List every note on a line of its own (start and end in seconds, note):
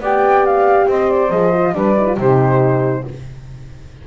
0.00 0.86 B3
0.00 1.30 G4
0.00 0.87 D5
0.00 0.46 G5
0.46 0.89 F5
0.88 1.29 C4
0.88 1.74 C5
0.88 1.10 D#5
1.10 1.31 D5
1.29 1.73 F3
1.29 1.52 G#4
1.29 1.74 D#5
1.54 1.74 F4
1.74 2.17 G3
1.74 1.96 D4
1.74 2.18 B4
1.74 2.17 D5
1.97 2.06 D#4
2.06 2.17 F4
2.17 3.04 C3
2.17 3.04 D#4
2.17 3.04 G4
2.17 3.07 C5